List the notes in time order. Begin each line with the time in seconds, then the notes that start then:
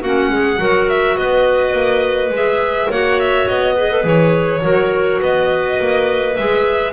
0.00 A#3 C#4 F#4 F#5
0.30 G#3 G#4
0.57 F#3 F#4 A#4
0.89 E5
1.17 B3 B4 D#5
1.73 A#3
2.30 G#3 G#4
2.36 E5
2.89 A#3 F#4 C#5 F#5
3.20 E5
3.47 B3 D#5
3.73 G#4 B4
3.91 A4
4.03 E3 G#4 C#5
4.61 F#3 F#4 A#4
5.21 B3 B4 D#5
5.80 A#3
6.36 G#3 G#4 E5